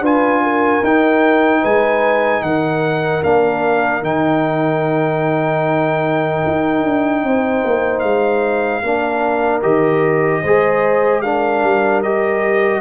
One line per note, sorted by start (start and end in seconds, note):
0.00 0.80 D4
0.00 0.83 F4
0.00 0.41 B4
0.00 0.84 G#5
0.43 1.61 A#4
0.83 1.63 D#4
0.83 3.23 D#4
0.83 1.64 G5
1.61 2.41 G#3
1.61 2.41 B4
1.61 2.43 G#5
2.41 3.21 D#3
2.41 7.25 A#4
2.41 3.23 F#5
3.23 4.02 A#3
3.23 4.02 D4
3.23 4.03 F5
4.02 6.42 D#3
4.02 8.82 D#4
4.02 7.99 G5
6.46 6.84 D#4
6.84 7.23 D4
7.23 7.63 C4
7.23 8.83 C5
7.64 8.02 A#3
7.99 8.82 G#3
7.99 9.59 F5
8.83 9.62 A#3
8.83 9.62 D4
8.83 10.42 A#4
9.62 10.43 D#3
9.62 10.42 G4
9.62 11.21 D#5
10.42 11.62 G#3
10.42 11.24 G#4
10.42 11.22 C5
11.21 12.04 D4
11.21 12.81 A#4
11.21 12.01 F5
11.62 12.81 G3
12.02 12.81 G4
12.02 12.81 D#5